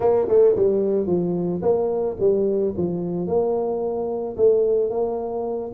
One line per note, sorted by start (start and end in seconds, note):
0.00 0.27 A#3
0.28 0.55 A3
0.56 1.06 G3
1.06 1.61 F3
1.61 2.16 A#3
2.19 2.74 G3
2.77 3.27 F3
3.27 4.36 A#3
4.36 4.90 A3
4.90 5.71 A#3